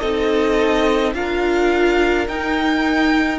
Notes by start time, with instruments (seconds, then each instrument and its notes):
0.00 cello C4, viola D#4, violin A4 D#5
1.14 cello D4, viola F4, violin A#4 F5
2.28 cello D#4, viola D#4, violin G5